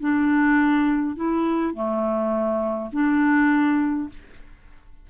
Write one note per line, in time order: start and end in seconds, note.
0.00 1.16 D4
1.16 1.74 E4
1.74 2.90 A3
2.93 4.09 D4